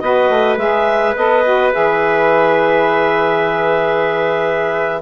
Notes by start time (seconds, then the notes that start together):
0.00 B3 F#4 B4 D#5
0.29 A3
0.57 G#3 G#4 E5
1.16 B3 A4 D#5
1.44 F#4
1.72 E3 G#4 E5